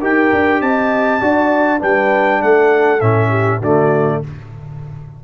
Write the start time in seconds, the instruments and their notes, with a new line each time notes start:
0.00 tuba D#4, trombone G4, horn A#4, trumpet G5
0.32 tuba D4
0.61 tuba C4, horn D#5, trumpet A5
1.20 tuba D4, trombone F#4, horn D5
1.79 tuba G3, trombone D4, horn B4, trumpet G5
2.40 tuba A3, horn A4, trumpet F#5
3.00 tuba A2, trombone C#4, trumpet E5
3.29 horn G4
3.58 tuba D3, trombone A3, horn F#4, trumpet D5